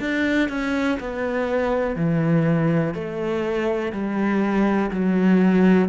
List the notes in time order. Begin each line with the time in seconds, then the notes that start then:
0.00 D4
0.49 C#4
1.01 B3
1.96 E3
2.95 A3
3.93 G3
4.91 F#3